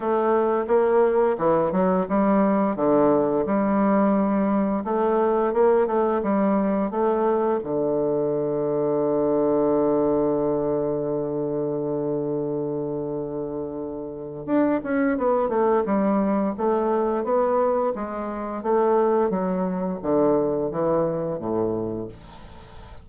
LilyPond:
\new Staff \with { instrumentName = "bassoon" } { \time 4/4 \tempo 4 = 87 a4 ais4 e8 fis8 g4 | d4 g2 a4 | ais8 a8 g4 a4 d4~ | d1~ |
d1~ | d4 d'8 cis'8 b8 a8 g4 | a4 b4 gis4 a4 | fis4 d4 e4 a,4 | }